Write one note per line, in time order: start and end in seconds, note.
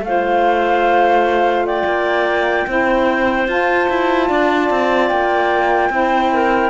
0.00 1.82 A3
0.00 2.66 F4
0.00 1.66 F5
0.07 1.66 C5
1.66 2.67 D5
1.66 3.48 G5
1.85 2.66 A#3
2.66 3.47 C4
2.66 3.47 E4
2.66 4.28 C5
3.47 3.88 F4
3.47 5.90 F4
3.47 5.08 A5
3.89 4.29 E4
4.28 4.70 D4
4.28 5.90 D5
4.70 5.10 C4
5.08 5.89 A#3
5.08 6.70 G5
5.89 6.70 C4
5.89 6.70 E4
5.89 6.32 C5
6.32 6.70 A#4